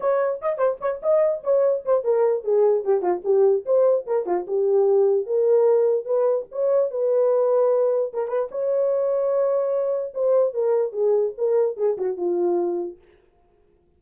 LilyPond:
\new Staff \with { instrumentName = "horn" } { \time 4/4 \tempo 4 = 148 cis''4 dis''8 c''8 cis''8 dis''4 cis''8~ | cis''8 c''8 ais'4 gis'4 g'8 f'8 | g'4 c''4 ais'8 f'8 g'4~ | g'4 ais'2 b'4 |
cis''4 b'2. | ais'8 b'8 cis''2.~ | cis''4 c''4 ais'4 gis'4 | ais'4 gis'8 fis'8 f'2 | }